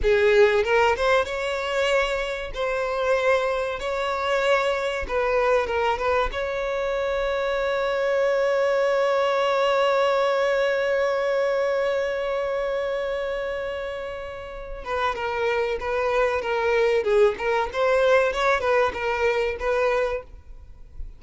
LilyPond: \new Staff \with { instrumentName = "violin" } { \time 4/4 \tempo 4 = 95 gis'4 ais'8 c''8 cis''2 | c''2 cis''2 | b'4 ais'8 b'8 cis''2~ | cis''1~ |
cis''1~ | cis''2.~ cis''8 b'8 | ais'4 b'4 ais'4 gis'8 ais'8 | c''4 cis''8 b'8 ais'4 b'4 | }